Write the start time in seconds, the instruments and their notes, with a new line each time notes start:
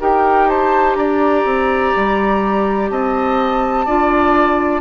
0.00 bassoon D#4, clarinet G4, oboe A#4, flute G5
0.48 oboe C5, flute A5
0.95 bassoon D4, oboe D5, flute A#5
1.45 bassoon C4
1.96 bassoon G3
2.90 bassoon C4, oboe D#5, flute A5
3.85 bassoon D4, clarinet F4, oboe D5